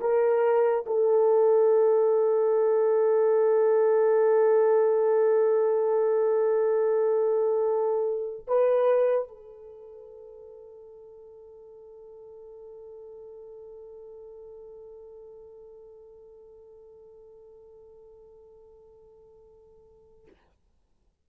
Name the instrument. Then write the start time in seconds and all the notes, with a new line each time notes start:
horn
0.00 A#4
0.86 A4
8.47 B4
9.28 A4